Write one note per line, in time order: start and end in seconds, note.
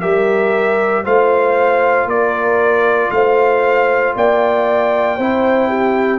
0.00 1.05 G3
0.00 1.04 G4
0.00 1.03 A#4
0.00 1.03 E5
1.03 2.05 A3
1.03 5.18 F4
1.03 2.07 C5
1.03 2.09 F5
2.05 3.08 A#3
2.05 3.11 A#4
2.05 3.10 D5
3.10 4.14 A3
3.10 4.16 C5
3.10 4.14 F5
4.15 5.18 A#3
4.15 5.16 D5
4.15 6.18 G5
5.16 6.18 C4
5.16 6.18 E4
5.16 5.68 C5
5.68 6.18 G4